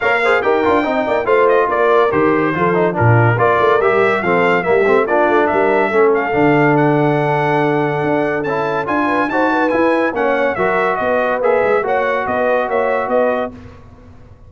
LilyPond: <<
  \new Staff \with { instrumentName = "trumpet" } { \time 4/4 \tempo 4 = 142 f''4 g''2 f''8 dis''8 | d''4 c''2 ais'4 | d''4 e''4 f''4 e''4 | d''4 e''4. f''4. |
fis''1 | a''4 gis''4 a''4 gis''4 | fis''4 e''4 dis''4 e''4 | fis''4 dis''4 e''4 dis''4 | }
  \new Staff \with { instrumentName = "horn" } { \time 4/4 cis''8 c''8 ais'4 dis''8 d''8 c''4 | ais'2 a'4 f'4 | ais'2 a'4 g'4 | f'4 ais'4 a'2~ |
a'1~ | a'4. b'8 c''8 b'4. | cis''4 ais'4 b'2 | cis''4 b'4 cis''4 b'4 | }
  \new Staff \with { instrumentName = "trombone" } { \time 4/4 ais'8 gis'8 g'8 f'8 dis'4 f'4~ | f'4 g'4 f'8 dis'8 d'4 | f'4 g'4 c'4 ais8 c'8 | d'2 cis'4 d'4~ |
d'1 | e'4 f'4 fis'4 e'4 | cis'4 fis'2 gis'4 | fis'1 | }
  \new Staff \with { instrumentName = "tuba" } { \time 4/4 ais4 dis'8 d'8 c'8 ais8 a4 | ais4 dis4 f4 ais,4 | ais8 a8 g4 f4 g8 a8 | ais8 a8 g4 a4 d4~ |
d2. d'4 | cis'4 d'4 dis'4 e'4 | ais4 fis4 b4 ais8 gis8 | ais4 b4 ais4 b4 | }
>>